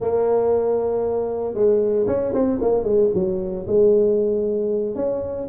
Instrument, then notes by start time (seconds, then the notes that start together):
tuba
0.00 A#3
1.53 G#3
2.07 C#4
2.33 C4
2.61 A#3
2.83 G#3
3.14 F#3
3.67 G#3
4.95 C#4